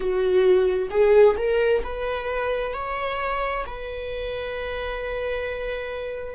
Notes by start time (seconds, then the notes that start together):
0.00 F#4
0.90 G#4
1.37 A#4
1.83 B4
2.73 C#5
3.66 B4